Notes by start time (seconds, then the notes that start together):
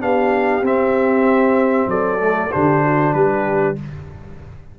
0.00 B3 D4 G4 F5
0.61 C4 E5
1.86 F#3 A4 D5
2.19 A3
2.51 D3 D4 G4 C5
2.84 F#4
3.13 G3 G4 B4